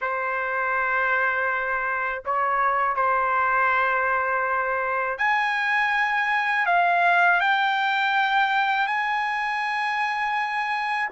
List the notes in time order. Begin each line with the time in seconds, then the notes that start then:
0.01 C5
2.25 C#5
2.96 C5
5.18 G#5
6.66 F5
7.40 G5
8.87 G#5